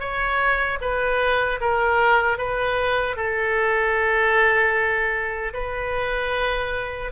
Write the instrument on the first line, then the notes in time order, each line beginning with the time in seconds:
oboe
0.00 C#5
0.81 B4
1.61 A#4
2.38 B4
3.17 A4
5.54 B4